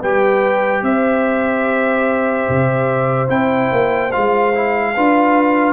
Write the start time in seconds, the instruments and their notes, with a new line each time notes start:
0.00 tuba G3, trombone G4, horn B4, trumpet G5
0.82 tuba C4, horn C5, trumpet E5
2.49 tuba C3
3.28 tuba C4, trombone E4, trumpet G5
3.72 tuba A#3
4.12 tuba G#3, trombone F4, trumpet F5
4.55 trombone E4
4.95 tuba D4, trombone F4, horn B4